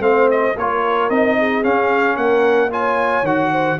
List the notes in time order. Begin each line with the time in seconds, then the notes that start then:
0.00 A3 C4 C5 F5
0.30 D#5
0.56 A#3 F4 A#4 C#5
1.09 C4 D#4 D#5
1.38 G#4
1.63 C#4 F5
2.16 A#3 A#4 F#5
2.70 F4 C#5 G#5
3.22 D#3 F#4 F#5
3.51 C5